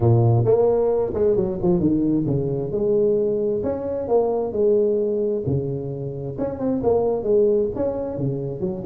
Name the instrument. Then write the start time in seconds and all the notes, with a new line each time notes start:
tuba
0.00 A#2
0.44 A#3
1.14 G#3
1.36 F#3
1.62 F3
1.80 D#3
2.26 C#3
2.71 G#3
3.63 C#4
4.08 A#3
4.52 G#3
5.46 C#3
6.38 C#4
6.59 C4
6.83 A#3
7.23 G#3
7.75 C#4
8.17 C#3
8.60 F#3